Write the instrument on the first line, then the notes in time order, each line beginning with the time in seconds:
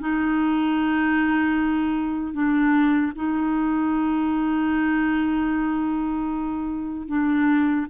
clarinet
0.00 D#4
2.34 D4
3.16 D#4
7.08 D4